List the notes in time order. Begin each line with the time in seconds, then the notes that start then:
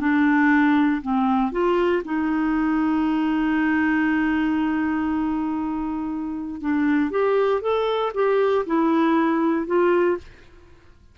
0.00 D4
1.02 C4
1.52 F4
2.05 D#4
6.61 D4
7.11 G4
7.62 A4
8.15 G4
8.66 E4
9.67 F4